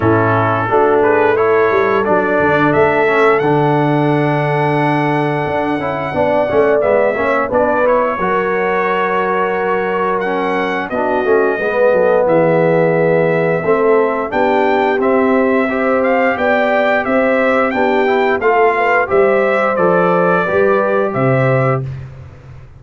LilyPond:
<<
  \new Staff \with { instrumentName = "trumpet" } { \time 4/4 \tempo 4 = 88 a'4. b'8 cis''4 d''4 | e''4 fis''2.~ | fis''2 e''4 d''8 cis''8~ | cis''2. fis''4 |
dis''2 e''2~ | e''4 g''4 e''4. f''8 | g''4 e''4 g''4 f''4 | e''4 d''2 e''4 | }
  \new Staff \with { instrumentName = "horn" } { \time 4/4 e'4 fis'8 gis'8 a'2~ | a'1~ | a'4 d''4. cis''8 b'4 | ais'1 |
fis'4 b'8 a'8 gis'2 | a'4 g'2 c''4 | d''4 c''4 g'4 a'8 b'8 | c''2 b'4 c''4 | }
  \new Staff \with { instrumentName = "trombone" } { \time 4/4 cis'4 d'4 e'4 d'4~ | d'8 cis'8 d'2.~ | d'8 e'8 d'8 cis'8 b8 cis'8 d'8 e'8 | fis'2. cis'4 |
d'8 cis'8 b2. | c'4 d'4 c'4 g'4~ | g'2 d'8 e'8 f'4 | g'4 a'4 g'2 | }
  \new Staff \with { instrumentName = "tuba" } { \time 4/4 a,4 a4. g8 fis8 d8 | a4 d2. | d'8 cis'8 b8 a8 gis8 ais8 b4 | fis1 |
b8 a8 gis8 fis8 e2 | a4 b4 c'2 | b4 c'4 b4 a4 | g4 f4 g4 c4 | }
>>